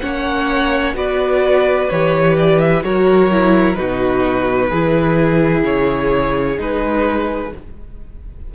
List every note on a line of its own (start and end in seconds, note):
0.00 0.95 A#3
0.00 0.95 C#4
0.00 0.96 C#5
0.00 0.94 F#5
0.95 1.88 B3
0.95 1.89 F#4
0.95 2.84 B4
0.95 1.90 D5
1.90 2.83 E3
1.90 2.83 G4
1.90 2.37 C#5
2.38 2.60 D5
2.60 2.83 E5
2.83 3.77 F#3
2.83 3.30 F#4
2.83 3.79 A#4
2.83 3.75 C#5
3.31 3.77 E4
3.75 4.71 B2
3.75 4.70 D#4
3.75 4.70 F#4
3.75 5.62 B4
4.70 5.64 E3
4.70 6.57 E4
4.70 7.51 G#4
5.64 6.58 C#3
5.64 6.59 C#5
6.57 7.53 G#3
6.57 7.51 D#4
6.57 7.55 B4